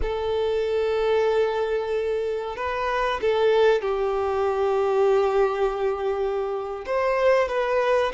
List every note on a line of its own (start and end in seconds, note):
0.02 2.56 A4
2.56 3.20 B4
3.21 3.81 A4
3.81 6.84 G4
6.86 7.48 C5
7.48 8.12 B4